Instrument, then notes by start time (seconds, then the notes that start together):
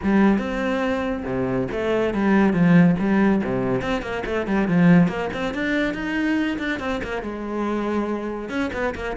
cello
0.02 G3
0.38 C4
1.25 C3
1.71 A3
2.14 G3
2.53 F3
2.99 G3
3.44 C3
3.81 C4
4.02 A#3
4.25 A3
4.46 G3
4.68 F3
5.08 A#3
5.33 C4
5.54 D4
5.93 D#4
6.58 D4
6.79 C4
7.03 A#3
7.22 G#3
8.49 C#4
8.73 B3
8.95 A#3